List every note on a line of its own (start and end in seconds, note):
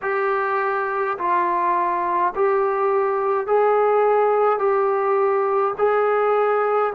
0.02 1.17 G4
1.18 2.33 F4
2.35 3.46 G4
3.46 4.58 G#4
4.58 5.74 G4
5.77 6.93 G#4